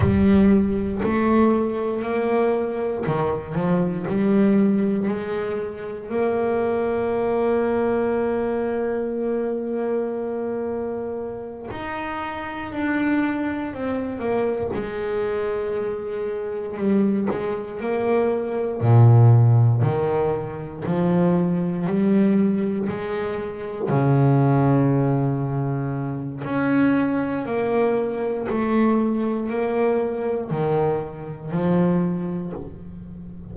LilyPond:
\new Staff \with { instrumentName = "double bass" } { \time 4/4 \tempo 4 = 59 g4 a4 ais4 dis8 f8 | g4 gis4 ais2~ | ais2.~ ais8 dis'8~ | dis'8 d'4 c'8 ais8 gis4.~ |
gis8 g8 gis8 ais4 ais,4 dis8~ | dis8 f4 g4 gis4 cis8~ | cis2 cis'4 ais4 | a4 ais4 dis4 f4 | }